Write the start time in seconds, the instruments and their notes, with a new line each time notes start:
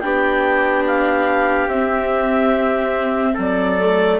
0.00 bassoon B3, viola D4, trumpet G4, clarinet G5
0.87 clarinet F5
1.67 bassoon C4, viola C4, clarinet E5
3.34 bassoon F#3, trumpet A4
3.41 clarinet D5
3.80 viola A3